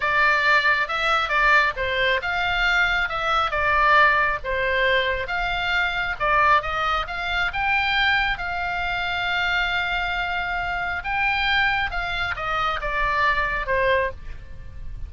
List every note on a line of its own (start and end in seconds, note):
0.00 0.88 D5
0.88 1.28 E5
1.28 1.72 D5
1.76 2.20 C5
2.22 3.08 F5
3.08 3.51 E5
3.51 4.39 D5
4.44 5.27 C5
5.27 6.15 F5
6.19 6.62 D5
6.62 7.06 D#5
7.07 7.51 F5
7.53 8.38 G5
8.38 11.03 F5
11.04 11.90 G5
11.90 12.34 F5
12.36 12.80 D#5
12.81 13.66 D5
13.66 14.10 C5